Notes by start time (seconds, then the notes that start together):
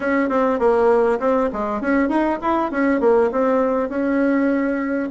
0.00 C#4
0.29 C4
0.59 A#3
1.19 C4
1.52 G#3
1.81 C#4
2.08 D#4
2.41 E4
2.71 C#4
3.00 A#3
3.31 C4
3.89 C#4